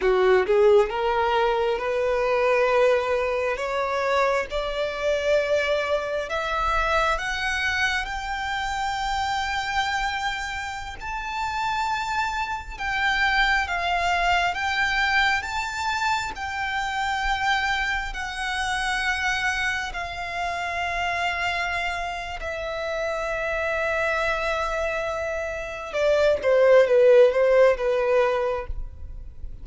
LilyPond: \new Staff \with { instrumentName = "violin" } { \time 4/4 \tempo 4 = 67 fis'8 gis'8 ais'4 b'2 | cis''4 d''2 e''4 | fis''4 g''2.~ | g''16 a''2 g''4 f''8.~ |
f''16 g''4 a''4 g''4.~ g''16~ | g''16 fis''2 f''4.~ f''16~ | f''4 e''2.~ | e''4 d''8 c''8 b'8 c''8 b'4 | }